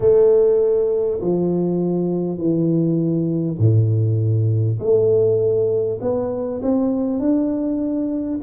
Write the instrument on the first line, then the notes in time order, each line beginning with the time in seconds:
tuba
0.00 A3
1.21 F3
2.37 E3
3.58 A2
4.79 A3
6.01 B3
6.62 C4
7.19 D4